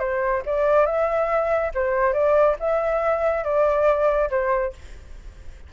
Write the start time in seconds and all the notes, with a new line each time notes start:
0.00 C5
0.46 D5
0.86 E5
1.75 C5
2.14 D5
2.60 E5
3.44 D5
4.30 C5